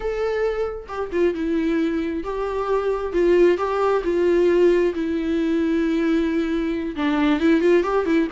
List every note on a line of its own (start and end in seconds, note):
0.00 0.87 A4
0.88 1.10 G4
1.12 1.34 F4
1.34 2.23 E4
2.23 3.12 G4
3.12 3.57 F4
3.57 4.02 G4
4.04 4.93 F4
4.94 6.95 E4
6.96 7.39 D4
7.39 7.60 E4
7.60 7.83 F4
7.83 8.05 G4
8.05 8.28 E4